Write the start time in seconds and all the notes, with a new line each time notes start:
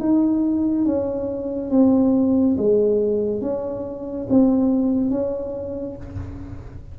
0.00 D#4
0.85 C#4
1.71 C4
2.58 G#3
3.42 C#4
4.30 C4
5.11 C#4